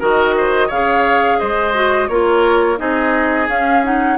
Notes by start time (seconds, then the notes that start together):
0.00 D#3 F#4 A#4 D#5
0.37 C5
0.68 C#3 G#4 C#5 F5
1.39 G#3 C5 D#5
1.74 F#4
2.08 A#3 F4 A#4 C#5
2.78 C4 D#4 G#4 D#5
3.48 C#4 F5
3.84 D#4 F#5